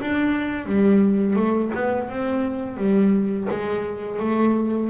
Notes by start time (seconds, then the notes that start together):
0.00 D4
0.65 G3
1.35 A3
1.74 B3
2.09 C4
2.77 G3
3.50 G#3
4.19 A3